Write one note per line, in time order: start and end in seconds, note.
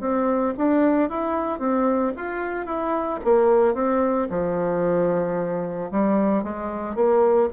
0.00 0.54 C4
0.57 1.09 D4
1.09 1.59 E4
1.59 2.12 C4
2.16 2.65 F4
2.65 3.19 E4
3.24 3.74 A#3
3.74 4.27 C4
4.30 5.90 F3
5.90 6.43 G3
6.43 6.95 G#3
6.95 7.49 A#3